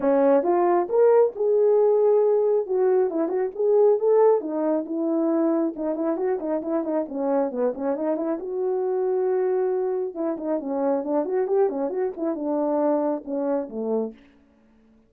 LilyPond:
\new Staff \with { instrumentName = "horn" } { \time 4/4 \tempo 4 = 136 cis'4 f'4 ais'4 gis'4~ | gis'2 fis'4 e'8 fis'8 | gis'4 a'4 dis'4 e'4~ | e'4 dis'8 e'8 fis'8 dis'8 e'8 dis'8 |
cis'4 b8 cis'8 dis'8 e'8 fis'4~ | fis'2. e'8 dis'8 | cis'4 d'8 fis'8 g'8 cis'8 fis'8 e'8 | d'2 cis'4 a4 | }